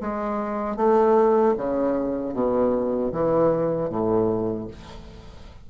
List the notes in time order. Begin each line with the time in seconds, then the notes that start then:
0.00 G#3
0.76 A3
1.57 C#3
2.33 B2
3.12 E3
3.89 A2